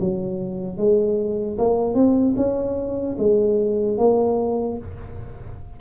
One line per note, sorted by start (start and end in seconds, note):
0.00 0.77 F#3
0.77 1.57 G#3
1.58 1.95 A#3
1.95 2.35 C4
2.36 3.16 C#4
3.19 3.97 G#3
3.97 4.77 A#3